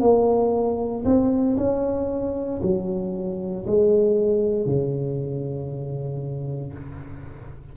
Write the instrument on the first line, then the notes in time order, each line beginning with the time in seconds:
tuba
0.00 A#3
1.04 C4
1.57 C#4
2.62 F#3
3.67 G#3
4.66 C#3